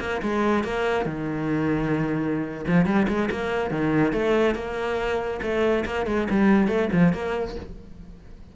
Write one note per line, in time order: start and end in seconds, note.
0.00 0.21 A#3
0.22 0.64 G#3
0.64 1.05 A#3
1.05 2.65 D#3
2.68 2.85 F3
2.85 3.07 G3
3.08 3.29 G#3
3.31 3.71 A#3
3.71 4.13 D#3
4.13 4.55 A3
4.55 5.40 A#3
5.42 5.85 A3
5.85 6.06 A#3
6.06 6.28 G#3
6.30 6.68 G3
6.68 6.89 A3
6.93 7.13 F3
7.13 7.56 A#3